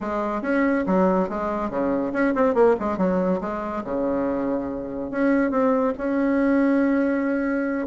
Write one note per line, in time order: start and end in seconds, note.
0.01 0.42 G#3
0.42 0.84 C#4
0.86 1.29 F#3
1.29 1.69 G#3
1.69 2.12 C#3
2.12 2.34 C#4
2.34 2.54 C4
2.54 2.75 A#3
2.79 2.97 G#3
2.97 3.40 F#3
3.40 3.83 G#3
3.83 5.10 C#3
5.10 5.50 C#4
5.50 5.93 C4
5.97 7.87 C#4